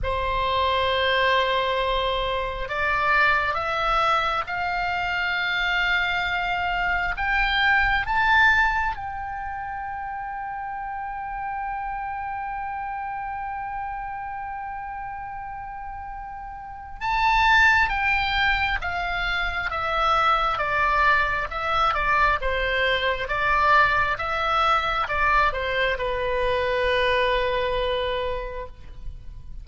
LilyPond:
\new Staff \with { instrumentName = "oboe" } { \time 4/4 \tempo 4 = 67 c''2. d''4 | e''4 f''2. | g''4 a''4 g''2~ | g''1~ |
g''2. a''4 | g''4 f''4 e''4 d''4 | e''8 d''8 c''4 d''4 e''4 | d''8 c''8 b'2. | }